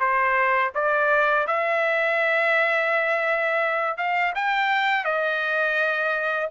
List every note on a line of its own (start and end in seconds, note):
0.00 0.72 C5
0.75 1.47 D5
1.47 3.97 E5
3.97 4.33 F5
4.35 5.05 G5
5.05 6.50 D#5